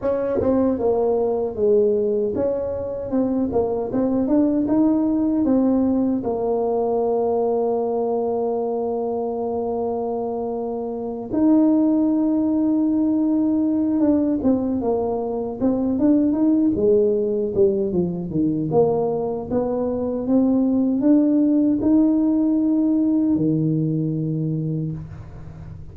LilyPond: \new Staff \with { instrumentName = "tuba" } { \time 4/4 \tempo 4 = 77 cis'8 c'8 ais4 gis4 cis'4 | c'8 ais8 c'8 d'8 dis'4 c'4 | ais1~ | ais2~ ais8 dis'4.~ |
dis'2 d'8 c'8 ais4 | c'8 d'8 dis'8 gis4 g8 f8 dis8 | ais4 b4 c'4 d'4 | dis'2 dis2 | }